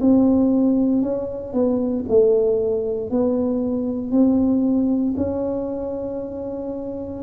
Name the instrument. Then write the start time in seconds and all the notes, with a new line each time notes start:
tuba
0.00 C4
1.02 C#4
1.53 B3
2.08 A3
3.10 B3
4.11 C4
5.16 C#4